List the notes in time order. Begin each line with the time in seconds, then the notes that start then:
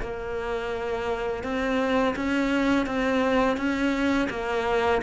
0.00 A#3
1.43 C4
2.16 C#4
2.86 C4
3.56 C#4
4.30 A#3